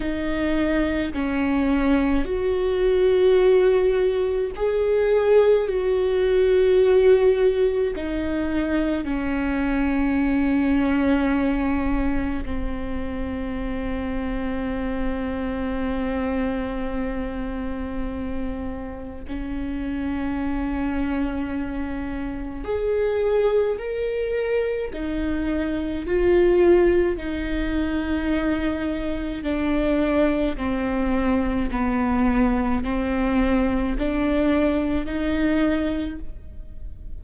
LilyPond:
\new Staff \with { instrumentName = "viola" } { \time 4/4 \tempo 4 = 53 dis'4 cis'4 fis'2 | gis'4 fis'2 dis'4 | cis'2. c'4~ | c'1~ |
c'4 cis'2. | gis'4 ais'4 dis'4 f'4 | dis'2 d'4 c'4 | b4 c'4 d'4 dis'4 | }